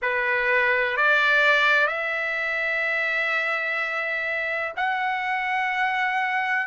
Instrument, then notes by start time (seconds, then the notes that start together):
trumpet
0.02 B4
0.97 D5
1.87 E5
4.76 F#5